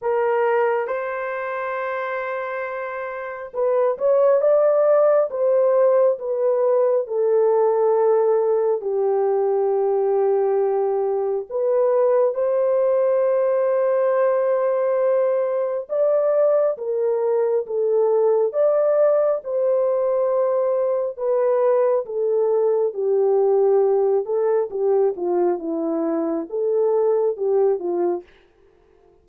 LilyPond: \new Staff \with { instrumentName = "horn" } { \time 4/4 \tempo 4 = 68 ais'4 c''2. | b'8 cis''8 d''4 c''4 b'4 | a'2 g'2~ | g'4 b'4 c''2~ |
c''2 d''4 ais'4 | a'4 d''4 c''2 | b'4 a'4 g'4. a'8 | g'8 f'8 e'4 a'4 g'8 f'8 | }